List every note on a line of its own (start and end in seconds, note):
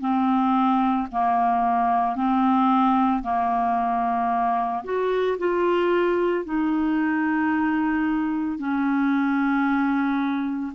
0.00 1.07 C4
1.12 2.15 A#3
2.15 3.22 C4
3.22 4.83 A#3
4.84 5.37 F#4
5.38 6.44 F4
6.44 8.58 D#4
8.58 10.72 C#4